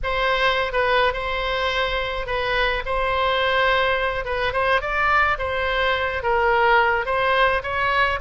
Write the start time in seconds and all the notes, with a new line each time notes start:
0.03 C5
0.72 B4
1.13 C5
2.26 B4
2.85 C5
4.25 B4
4.52 C5
4.81 D5
5.38 C5
6.22 A#4
7.05 C5
7.63 C#5